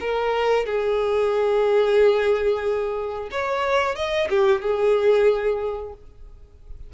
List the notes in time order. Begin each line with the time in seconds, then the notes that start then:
0.00 A#4
0.66 G#4
3.31 C#5
3.96 D#5
4.30 G4
4.62 G#4